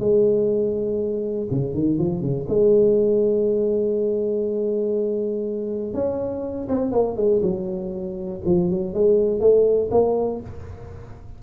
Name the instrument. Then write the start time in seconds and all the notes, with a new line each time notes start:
tuba
0.00 G#3
1.51 C#3
1.74 D#3
1.99 F3
2.22 C#3
2.49 G#3
5.94 C#4
6.69 C4
6.92 A#3
7.17 G#3
7.42 F#3
8.46 F3
8.71 F#3
8.94 G#3
9.41 A3
9.92 A#3